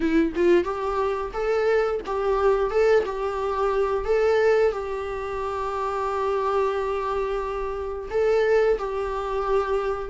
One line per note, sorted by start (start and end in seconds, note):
0.00 0.32 E4
0.36 0.64 F4
0.64 1.31 G4
1.33 2.00 A4
2.06 2.70 G4
2.70 3.04 A4
3.05 4.04 G4
4.04 4.72 A4
4.72 8.09 G4
8.10 8.78 A4
8.78 10.10 G4